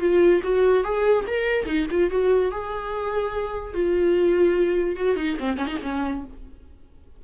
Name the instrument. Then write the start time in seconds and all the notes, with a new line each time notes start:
viola
0.00 F4
0.44 F#4
0.84 G#4
1.27 A#4
1.66 D#4
1.91 F4
2.11 F#4
2.51 G#4
3.74 F4
4.96 F#4
5.16 D#4
5.40 C4
5.58 C#4
5.67 D#4
5.83 C#4